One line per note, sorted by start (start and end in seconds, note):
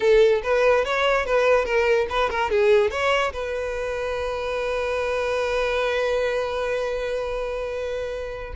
0.00 0.42 A4
0.43 0.84 B4
0.84 1.25 C#5
1.25 1.65 B4
1.65 2.06 A#4
2.09 2.30 B4
2.30 2.50 A#4
2.50 2.90 G#4
2.90 3.32 C#5
3.32 8.53 B4